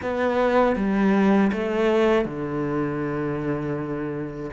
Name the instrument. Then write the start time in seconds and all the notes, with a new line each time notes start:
cello
0.02 B3
0.76 G3
1.52 A3
2.25 D3